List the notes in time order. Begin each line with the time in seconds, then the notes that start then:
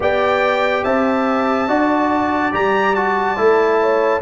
0.00 B3 G4 D5 G5
0.83 C4 E5 A5
1.68 D4 F#4 D5
2.52 G3 G4 A#5
2.94 F#4 A5
3.36 A3 E4
3.80 C#5